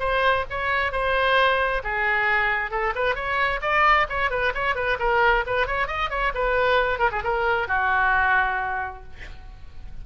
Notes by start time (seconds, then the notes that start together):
0.00 C5
0.50 C#5
0.92 C5
1.84 G#4
2.71 A4
2.95 B4
3.15 C#5
3.62 D5
4.09 C#5
4.31 B4
4.55 C#5
4.76 B4
5.00 A#4
5.47 B4
5.67 C#5
5.87 D#5
6.10 C#5
6.35 B4
6.99 A#4
7.12 G#4
7.24 A#4
7.68 F#4